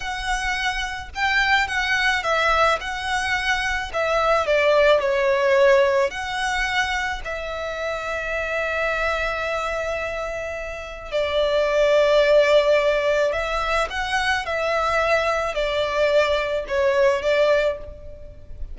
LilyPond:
\new Staff \with { instrumentName = "violin" } { \time 4/4 \tempo 4 = 108 fis''2 g''4 fis''4 | e''4 fis''2 e''4 | d''4 cis''2 fis''4~ | fis''4 e''2.~ |
e''1 | d''1 | e''4 fis''4 e''2 | d''2 cis''4 d''4 | }